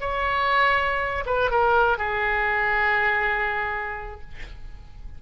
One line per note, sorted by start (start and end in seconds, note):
0.00 1.24 C#5
1.26 1.50 B4
1.50 1.98 A#4
1.98 4.21 G#4